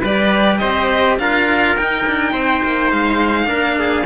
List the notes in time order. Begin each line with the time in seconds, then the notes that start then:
0.00 G3 G4 B4 D5
0.58 C4 C5 D#5
1.19 D4 F4 A#4 F5
1.76 D#4 G5
2.06 D4
2.32 C4 C5
2.64 A#3
2.91 G#3 F5
3.45 A#3 D4 A#4
3.79 G#4